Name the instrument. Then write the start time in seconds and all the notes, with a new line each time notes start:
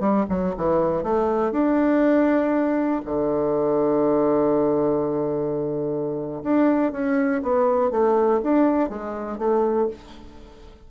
bassoon
0.00 G3
0.29 F#3
0.57 E3
1.03 A3
1.52 D4
3.05 D3
6.43 D4
6.92 C#4
7.43 B3
7.91 A3
8.43 D4
8.89 G#3
9.38 A3